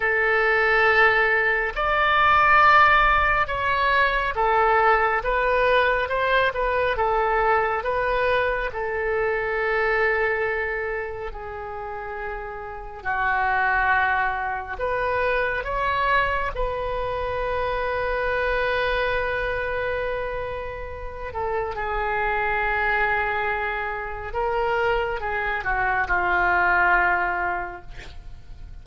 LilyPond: \new Staff \with { instrumentName = "oboe" } { \time 4/4 \tempo 4 = 69 a'2 d''2 | cis''4 a'4 b'4 c''8 b'8 | a'4 b'4 a'2~ | a'4 gis'2 fis'4~ |
fis'4 b'4 cis''4 b'4~ | b'1~ | b'8 a'8 gis'2. | ais'4 gis'8 fis'8 f'2 | }